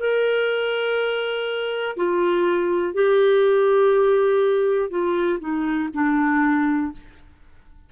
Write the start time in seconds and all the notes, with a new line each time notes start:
0.00 A#4
1.97 F4
2.94 G4
4.90 F4
5.41 D#4
5.94 D4